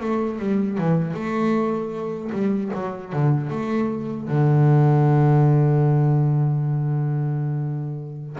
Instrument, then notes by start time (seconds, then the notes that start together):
double bass
0.00 A3
0.39 G3
0.78 E3
1.14 A3
2.32 G3
2.73 F#3
3.12 D3
3.50 A3
4.28 D3